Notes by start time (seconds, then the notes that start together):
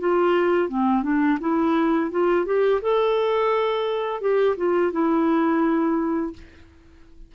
0.00 F4
0.69 C4
1.03 D4
1.41 E4
2.11 F4
2.46 G4
2.82 A4
4.21 G4
4.57 F4
4.93 E4